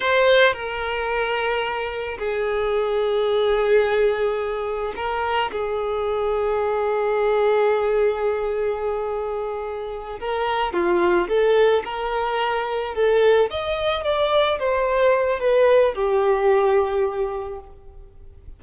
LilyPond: \new Staff \with { instrumentName = "violin" } { \time 4/4 \tempo 4 = 109 c''4 ais'2. | gis'1~ | gis'4 ais'4 gis'2~ | gis'1~ |
gis'2~ gis'8 ais'4 f'8~ | f'8 a'4 ais'2 a'8~ | a'8 dis''4 d''4 c''4. | b'4 g'2. | }